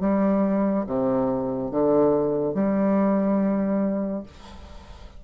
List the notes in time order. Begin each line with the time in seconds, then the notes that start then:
0.00 G3
0.86 C3
1.71 D3
2.54 G3